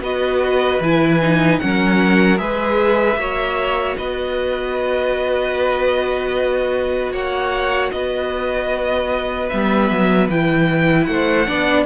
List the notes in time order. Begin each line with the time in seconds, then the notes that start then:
0.00 B3 F#4 B4 D#5
0.80 E3 E4 G#5
1.21 D#4
1.59 F#3 C#4 A#4 F#5
2.37 G#3 G#4 B4 E5
3.15 A#3 F#4 C#5
3.97 B3 B4 D#5
7.12 A#3 C#5 F#5
7.91 B3 B4 D#5
9.49 G3 B3 E5
9.90 F#3
10.28 E3 E4 G5
11.05 A3 F#5
11.11 C5
11.46 B3 D4 D5